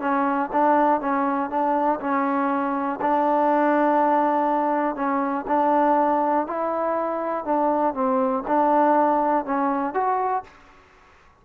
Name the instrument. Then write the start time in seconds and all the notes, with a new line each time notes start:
trombone
0.00 C#4
0.53 D4
1.01 C#4
1.50 D4
2.01 C#4
3.01 D4
4.96 C#4
5.48 D4
6.47 E4
7.45 D4
7.94 C4
8.47 D4
9.45 C#4
9.94 F#4